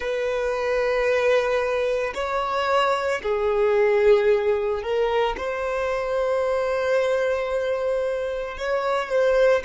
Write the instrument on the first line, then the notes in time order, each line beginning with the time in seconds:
violin
0.00 B4
2.14 C#5
3.22 G#4
4.82 A#4
5.37 C5
8.57 C#5
9.09 C5